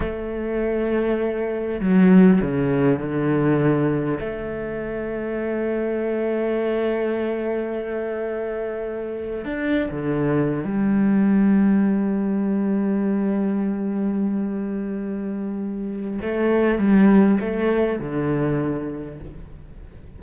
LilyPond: \new Staff \with { instrumentName = "cello" } { \time 4/4 \tempo 4 = 100 a2. fis4 | cis4 d2 a4~ | a1~ | a2.~ a8. d'16~ |
d'8 d4~ d16 g2~ g16~ | g1~ | g2. a4 | g4 a4 d2 | }